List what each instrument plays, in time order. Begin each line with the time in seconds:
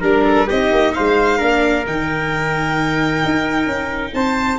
0.00 tuba G3, viola D4, trumpet A#4, violin A#4
0.24 trumpet A4
0.47 tuba C4, viola D#4, trumpet G4, violin D#5
0.71 tuba A#3
0.94 tuba G#3, trumpet C5, violin F5
1.37 tuba A#3, viola D4, trumpet A#4
1.86 tuba D#3, viola D#4, violin G5
3.25 tuba D#4
3.66 tuba C#4
4.14 tuba C4, trumpet C5, violin A5